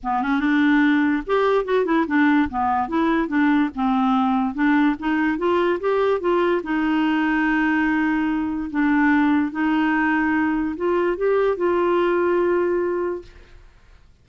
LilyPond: \new Staff \with { instrumentName = "clarinet" } { \time 4/4 \tempo 4 = 145 b8 cis'8 d'2 g'4 | fis'8 e'8 d'4 b4 e'4 | d'4 c'2 d'4 | dis'4 f'4 g'4 f'4 |
dis'1~ | dis'4 d'2 dis'4~ | dis'2 f'4 g'4 | f'1 | }